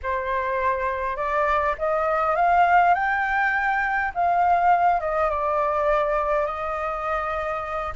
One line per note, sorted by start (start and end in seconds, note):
0.02 1.16 C5
1.16 1.75 D5
1.78 2.35 D#5
2.35 2.94 F5
2.94 4.11 G5
4.14 5.00 F5
5.00 5.29 D#5
5.29 6.46 D5
6.46 7.93 D#5